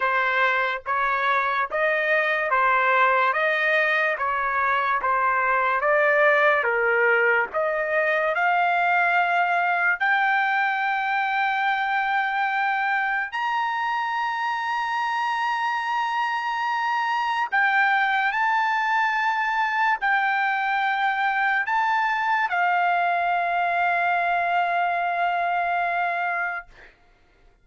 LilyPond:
\new Staff \with { instrumentName = "trumpet" } { \time 4/4 \tempo 4 = 72 c''4 cis''4 dis''4 c''4 | dis''4 cis''4 c''4 d''4 | ais'4 dis''4 f''2 | g''1 |
ais''1~ | ais''4 g''4 a''2 | g''2 a''4 f''4~ | f''1 | }